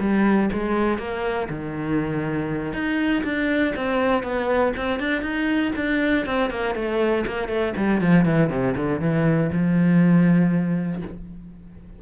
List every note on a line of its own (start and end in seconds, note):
0.00 0.50 G3
0.53 0.98 G#3
0.98 1.48 A#3
1.50 2.73 D#3
2.73 3.23 D#4
3.24 3.74 D4
3.76 4.23 C4
4.23 4.73 B3
4.77 5.00 C4
5.00 5.22 D4
5.22 5.72 D#4
5.76 6.26 D4
6.26 6.50 C4
6.50 6.75 A#3
6.75 7.25 A3
7.27 7.49 A#3
7.49 7.74 A3
7.77 8.01 G3
8.01 8.25 F3
8.25 8.50 E3
8.50 8.75 C3
8.77 9.01 D3
9.01 9.51 E3
9.52 11.02 F3